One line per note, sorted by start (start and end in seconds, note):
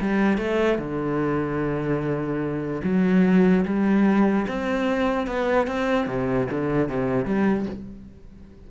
0.00 0.37 G3
0.37 0.78 A3
0.78 2.81 D3
2.83 3.64 F#3
3.65 4.46 G3
4.47 5.26 C4
5.26 5.67 B3
5.67 6.07 C4
6.07 6.47 C3
6.50 6.88 D3
6.88 7.25 C3
7.25 7.65 G3